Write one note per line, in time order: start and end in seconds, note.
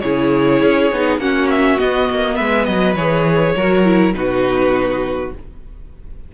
0.00 0.62 C#3
0.00 0.91 E4
0.00 1.21 G#4
0.00 1.18 C#5
0.62 0.92 C#4
0.92 1.18 B3
0.92 1.20 D#4
1.18 1.76 A#3
1.18 1.77 C#4
1.18 2.35 F#4
1.18 1.48 F#5
1.50 1.79 E5
1.77 2.95 B3
1.77 2.09 B3
1.77 2.35 D#5
2.10 2.39 A#3
2.35 2.68 G#3
2.35 3.53 B4
2.35 2.65 E5
2.65 2.95 F#3
2.65 2.94 D#5
2.95 3.53 E3
2.95 3.56 G#4
2.95 4.13 C#5
3.56 4.14 F#3
3.56 3.84 F#4
3.56 4.15 A#4
3.84 4.13 E4
4.13 5.31 B2
4.13 5.31 D#4
4.13 5.34 F#4
4.13 5.32 B4